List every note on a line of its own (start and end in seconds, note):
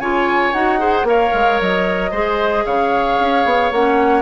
0.00 0.53 C#3
0.00 0.54 F4
0.00 0.80 C#5
0.00 0.53 G#5
0.53 1.03 D#4
0.53 0.79 F#4
0.53 1.06 F#5
0.79 1.06 G#4
0.79 1.07 C5
1.03 1.30 A#3
1.03 2.12 A#4
1.03 2.11 C#5
1.03 1.61 F5
1.34 1.61 G#3
1.61 2.12 F#3
1.61 2.66 D#5
2.11 2.65 G#3
2.11 3.73 G#4
2.11 2.64 C5
2.66 3.19 C#3
2.66 4.22 C#5
2.66 3.72 F5
3.20 3.45 C#4
3.45 3.72 B3
3.72 4.22 A#3
3.72 4.22 C#4
3.72 4.22 F#5